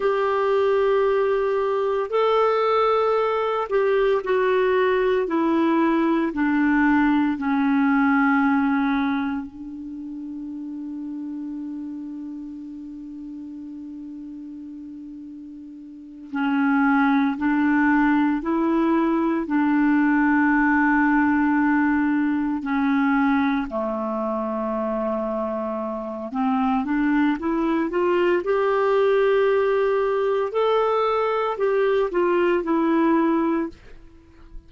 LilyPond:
\new Staff \with { instrumentName = "clarinet" } { \time 4/4 \tempo 4 = 57 g'2 a'4. g'8 | fis'4 e'4 d'4 cis'4~ | cis'4 d'2.~ | d'2.~ d'8 cis'8~ |
cis'8 d'4 e'4 d'4.~ | d'4. cis'4 a4.~ | a4 c'8 d'8 e'8 f'8 g'4~ | g'4 a'4 g'8 f'8 e'4 | }